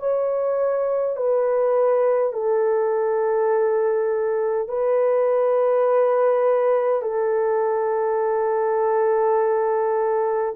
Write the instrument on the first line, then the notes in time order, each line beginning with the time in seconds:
horn
0.00 C#5
1.17 B4
2.34 A4
4.69 B4
7.02 A4